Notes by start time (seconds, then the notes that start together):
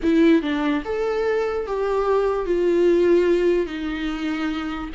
0.02 E4
0.42 D4
0.84 A4
1.66 G4
2.45 F4
3.66 D#4